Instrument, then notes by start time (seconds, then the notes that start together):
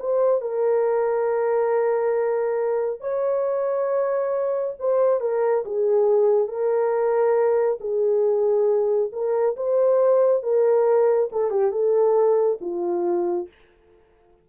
horn
0.00 C5
0.42 A#4
3.01 C#5
4.79 C5
5.21 A#4
5.66 G#4
6.49 A#4
7.81 G#4
9.13 A#4
9.57 C5
10.43 A#4
11.32 A4
11.51 G4
11.72 A4
12.61 F4